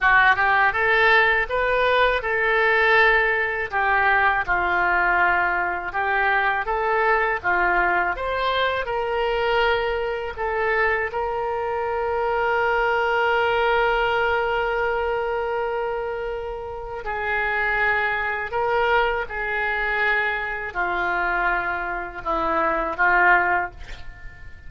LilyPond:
\new Staff \with { instrumentName = "oboe" } { \time 4/4 \tempo 4 = 81 fis'8 g'8 a'4 b'4 a'4~ | a'4 g'4 f'2 | g'4 a'4 f'4 c''4 | ais'2 a'4 ais'4~ |
ais'1~ | ais'2. gis'4~ | gis'4 ais'4 gis'2 | f'2 e'4 f'4 | }